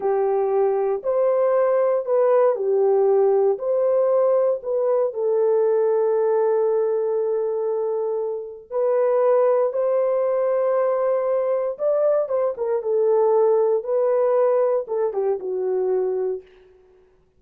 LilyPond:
\new Staff \with { instrumentName = "horn" } { \time 4/4 \tempo 4 = 117 g'2 c''2 | b'4 g'2 c''4~ | c''4 b'4 a'2~ | a'1~ |
a'4 b'2 c''4~ | c''2. d''4 | c''8 ais'8 a'2 b'4~ | b'4 a'8 g'8 fis'2 | }